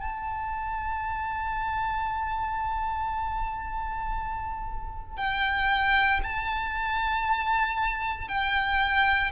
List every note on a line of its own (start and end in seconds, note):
0.00 5.17 A5
5.17 6.21 G5
6.23 8.29 A5
8.29 9.32 G5